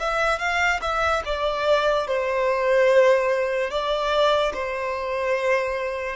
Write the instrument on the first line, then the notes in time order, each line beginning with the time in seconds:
violin
0.00 E5
0.39 F5
0.82 E5
1.26 D5
2.08 C5
3.71 D5
4.54 C5